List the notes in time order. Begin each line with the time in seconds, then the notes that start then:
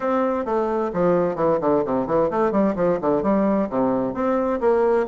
0.00 C4
0.45 A3
0.93 F3
1.35 E3
1.60 D3
1.85 C3
2.06 E3
2.30 A3
2.51 G3
2.75 F3
3.01 D3
3.22 G3
3.69 C3
4.13 C4
4.60 A#3